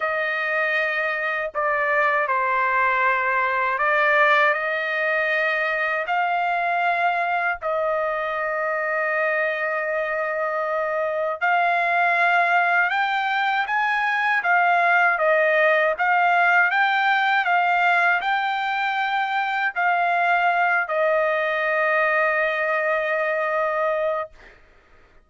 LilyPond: \new Staff \with { instrumentName = "trumpet" } { \time 4/4 \tempo 4 = 79 dis''2 d''4 c''4~ | c''4 d''4 dis''2 | f''2 dis''2~ | dis''2. f''4~ |
f''4 g''4 gis''4 f''4 | dis''4 f''4 g''4 f''4 | g''2 f''4. dis''8~ | dis''1 | }